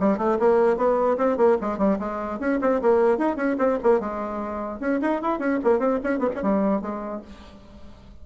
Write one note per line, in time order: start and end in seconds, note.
0.00 0.18 G3
0.18 0.38 A3
0.39 0.77 A#3
0.77 1.17 B3
1.18 1.37 C4
1.37 1.57 A#3
1.61 1.78 G#3
1.78 1.98 G3
1.99 2.39 G#3
2.39 2.60 C#4
2.61 2.81 C4
2.82 3.18 A#3
3.18 3.36 D#4
3.36 3.57 C#4
3.58 3.78 C4
3.83 4.00 A#3
4.00 4.80 G#3
4.80 5.00 C#4
5.02 5.22 D#4
5.22 5.39 E4
5.39 5.59 C#4
5.64 5.79 A#3
5.79 5.99 C4
6.03 6.19 C#4
6.19 6.29 B3
6.36 6.42 C#4
6.42 6.81 G3
6.81 7.22 G#3